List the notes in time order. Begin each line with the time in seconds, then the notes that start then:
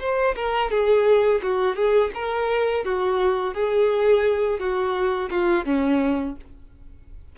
0.00 C5
0.36 A#4
0.71 G#4
1.42 F#4
1.76 G#4
2.14 A#4
2.85 F#4
3.54 G#4
4.59 F#4
5.30 F4
5.65 C#4